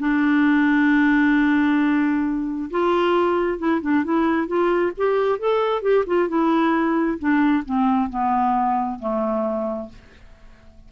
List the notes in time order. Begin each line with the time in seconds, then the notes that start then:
0.00 D4
2.71 F4
3.59 E4
3.82 D4
4.04 E4
4.47 F4
4.97 G4
5.39 A4
5.82 G4
6.07 F4
6.29 E4
7.19 D4
7.65 C4
8.10 B3
9.00 A3